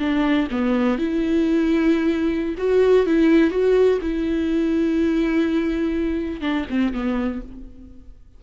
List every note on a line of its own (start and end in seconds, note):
0.00 0.48 D4
0.51 0.99 B3
0.99 2.56 E4
2.58 3.07 F#4
3.07 3.51 E4
3.51 3.99 F#4
4.02 6.41 E4
6.41 6.66 D4
6.70 6.94 C4
6.94 7.42 B3